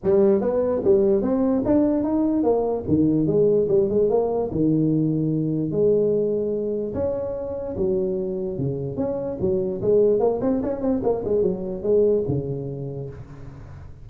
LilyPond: \new Staff \with { instrumentName = "tuba" } { \time 4/4 \tempo 4 = 147 g4 b4 g4 c'4 | d'4 dis'4 ais4 dis4 | gis4 g8 gis8 ais4 dis4~ | dis2 gis2~ |
gis4 cis'2 fis4~ | fis4 cis4 cis'4 fis4 | gis4 ais8 c'8 cis'8 c'8 ais8 gis8 | fis4 gis4 cis2 | }